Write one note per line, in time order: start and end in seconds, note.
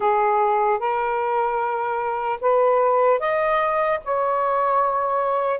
0.00 0.79 G#4
0.79 2.39 A#4
2.40 3.19 B4
3.19 3.99 D#5
4.04 5.60 C#5